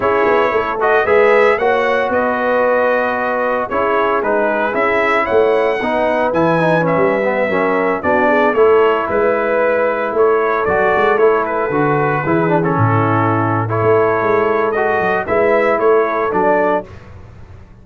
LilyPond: <<
  \new Staff \with { instrumentName = "trumpet" } { \time 4/4 \tempo 4 = 114 cis''4. dis''8 e''4 fis''4 | dis''2. cis''4 | b'4 e''4 fis''2 | gis''4 e''2~ e''16 d''8.~ |
d''16 cis''4 b'2 cis''8.~ | cis''16 d''4 cis''8 b'2~ b'16 | a'2 cis''2 | dis''4 e''4 cis''4 d''4 | }
  \new Staff \with { instrumentName = "horn" } { \time 4/4 gis'4 a'4 b'4 cis''4 | b'2. gis'4~ | gis'2 cis''4 b'4~ | b'2~ b'16 ais'4 fis'8 gis'16~ |
gis'16 a'4 b'2 a'8.~ | a'2.~ a'16 gis'8.~ | gis'16 e'4.~ e'16 a'2~ | a'4 b'4 a'2 | }
  \new Staff \with { instrumentName = "trombone" } { \time 4/4 e'4. fis'8 gis'4 fis'4~ | fis'2. e'4 | dis'4 e'2 dis'4 | e'8 dis'8 cis'8. b8 cis'4 d'8.~ |
d'16 e'2.~ e'8.~ | e'16 fis'4 e'4 fis'4 e'8 d'16 | cis'2 e'2 | fis'4 e'2 d'4 | }
  \new Staff \with { instrumentName = "tuba" } { \time 4/4 cis'8 b8 a4 gis4 ais4 | b2. cis'4 | gis4 cis'4 a4 b4 | e4~ e16 g4 fis4 b8.~ |
b16 a4 gis2 a8.~ | a16 fis8 gis8 a4 d4 e8.~ | e16 a,2 a8. gis4~ | gis8 fis8 gis4 a4 fis4 | }
>>